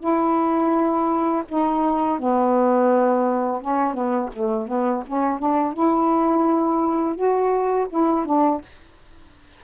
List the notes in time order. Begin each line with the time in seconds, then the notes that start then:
0.00 E4
1.49 D#4
2.19 B3
3.61 C#4
3.94 B3
4.33 A3
4.68 B3
5.06 C#4
5.39 D4
5.73 E4
7.15 F#4
7.90 E4
8.25 D4